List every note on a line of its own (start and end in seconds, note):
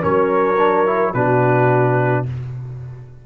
0.00 1.13 F#3
0.00 0.56 C#4
0.00 1.13 A#4
0.00 1.13 C#5
0.57 0.85 D4
0.85 1.13 E4
1.13 2.25 B2
1.13 2.25 D4
1.13 2.25 F#4
1.13 2.24 B4